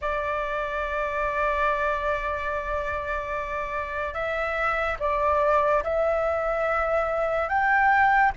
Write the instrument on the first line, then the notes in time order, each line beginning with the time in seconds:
flute
0.01 D5
4.14 E5
4.99 D5
5.83 E5
7.48 G5